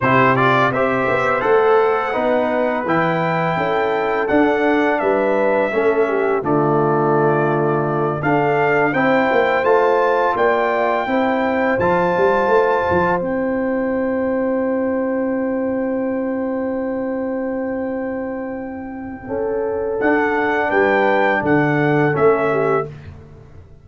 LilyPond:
<<
  \new Staff \with { instrumentName = "trumpet" } { \time 4/4 \tempo 4 = 84 c''8 d''8 e''4 fis''2 | g''2 fis''4 e''4~ | e''4 d''2~ d''8 f''8~ | f''8 g''4 a''4 g''4.~ |
g''8 a''2 g''4.~ | g''1~ | g''1 | fis''4 g''4 fis''4 e''4 | }
  \new Staff \with { instrumentName = "horn" } { \time 4/4 g'4 c''2 b'4~ | b'4 a'2 b'4 | a'8 g'8 f'2~ f'8 a'8~ | a'8 c''2 d''4 c''8~ |
c''1~ | c''1~ | c''2. a'4~ | a'4 b'4 a'4. g'8 | }
  \new Staff \with { instrumentName = "trombone" } { \time 4/4 e'8 f'8 g'4 a'4 dis'4 | e'2 d'2 | cis'4 a2~ a8 d'8~ | d'8 e'4 f'2 e'8~ |
e'8 f'2 e'4.~ | e'1~ | e'1 | d'2. cis'4 | }
  \new Staff \with { instrumentName = "tuba" } { \time 4/4 c4 c'8 b8 a4 b4 | e4 cis'4 d'4 g4 | a4 d2~ d8 d'8~ | d'8 c'8 ais8 a4 ais4 c'8~ |
c'8 f8 g8 a8 f8 c'4.~ | c'1~ | c'2. cis'4 | d'4 g4 d4 a4 | }
>>